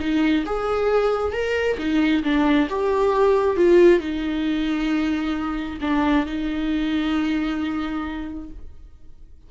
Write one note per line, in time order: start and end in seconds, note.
0.00 0.45 D#4
0.46 1.33 G#4
1.33 1.77 A#4
1.78 2.23 D#4
2.23 2.68 D4
2.70 3.57 G4
3.57 4.00 F4
4.00 5.79 D#4
5.81 6.26 D4
6.26 8.50 D#4